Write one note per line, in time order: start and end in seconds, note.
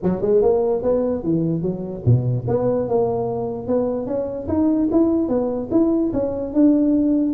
0.02 0.21 F#3
0.21 0.41 G#3
0.41 0.82 A#3
0.82 1.23 B3
1.23 1.61 E3
1.61 2.02 F#3
2.05 2.45 B2
2.47 2.88 B3
2.88 3.67 A#3
3.67 4.06 B3
4.06 4.47 C#4
4.48 4.88 D#4
4.91 5.28 E4
5.28 5.69 B3
5.71 6.12 E4
6.13 6.53 C#4
6.53 7.34 D4